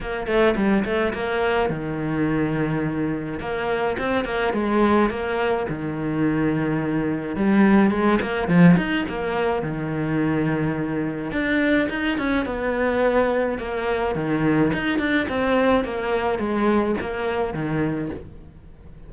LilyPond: \new Staff \with { instrumentName = "cello" } { \time 4/4 \tempo 4 = 106 ais8 a8 g8 a8 ais4 dis4~ | dis2 ais4 c'8 ais8 | gis4 ais4 dis2~ | dis4 g4 gis8 ais8 f8 dis'8 |
ais4 dis2. | d'4 dis'8 cis'8 b2 | ais4 dis4 dis'8 d'8 c'4 | ais4 gis4 ais4 dis4 | }